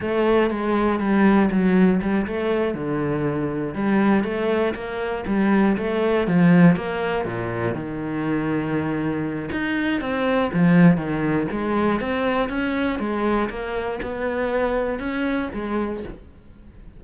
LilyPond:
\new Staff \with { instrumentName = "cello" } { \time 4/4 \tempo 4 = 120 a4 gis4 g4 fis4 | g8 a4 d2 g8~ | g8 a4 ais4 g4 a8~ | a8 f4 ais4 ais,4 dis8~ |
dis2. dis'4 | c'4 f4 dis4 gis4 | c'4 cis'4 gis4 ais4 | b2 cis'4 gis4 | }